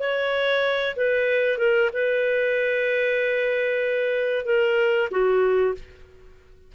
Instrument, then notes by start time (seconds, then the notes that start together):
clarinet
0.00 C#5
0.96 B4
1.58 A#4
1.94 B4
4.46 A#4
5.11 F#4